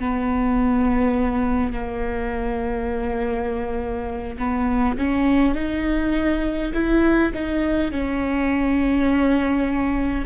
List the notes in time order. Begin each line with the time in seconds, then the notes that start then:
0.00 B3
1.73 A#3
4.39 B3
4.98 C#4
5.55 D#4
6.74 E4
7.34 D#4
7.92 C#4